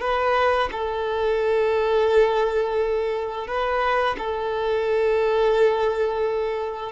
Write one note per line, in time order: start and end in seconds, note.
0.00 0.69 B4
0.72 3.47 A4
3.47 4.16 B4
4.18 6.92 A4